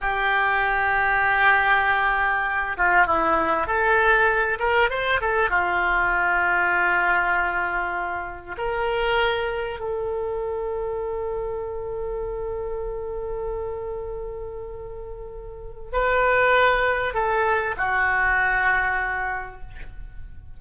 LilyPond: \new Staff \with { instrumentName = "oboe" } { \time 4/4 \tempo 4 = 98 g'1~ | g'8 f'8 e'4 a'4. ais'8 | c''8 a'8 f'2.~ | f'2 ais'2 |
a'1~ | a'1~ | a'2 b'2 | a'4 fis'2. | }